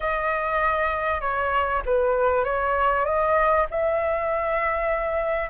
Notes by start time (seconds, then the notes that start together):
0.00 D#5
1.20 C#5
1.85 B4
2.44 C#5
3.05 D#5
3.70 E5